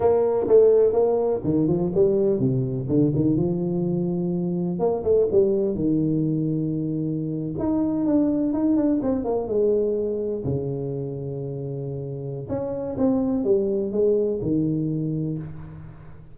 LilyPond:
\new Staff \with { instrumentName = "tuba" } { \time 4/4 \tempo 4 = 125 ais4 a4 ais4 dis8 f8 | g4 c4 d8 dis8 f4~ | f2 ais8 a8 g4 | dis2.~ dis8. dis'16~ |
dis'8. d'4 dis'8 d'8 c'8 ais8 gis16~ | gis4.~ gis16 cis2~ cis16~ | cis2 cis'4 c'4 | g4 gis4 dis2 | }